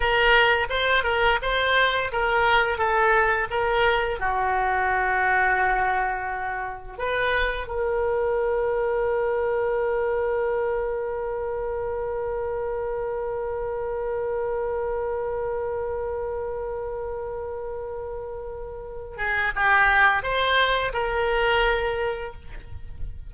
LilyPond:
\new Staff \with { instrumentName = "oboe" } { \time 4/4 \tempo 4 = 86 ais'4 c''8 ais'8 c''4 ais'4 | a'4 ais'4 fis'2~ | fis'2 b'4 ais'4~ | ais'1~ |
ais'1~ | ais'1~ | ais'2.~ ais'8 gis'8 | g'4 c''4 ais'2 | }